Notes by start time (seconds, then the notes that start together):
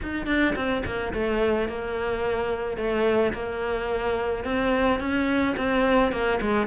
0.02 D#4
0.26 D4
0.55 C4
0.85 A#3
1.13 A3
1.68 A#3
2.77 A3
3.33 A#3
4.44 C4
5.00 C#4
5.57 C4
6.11 A#3
6.41 G#3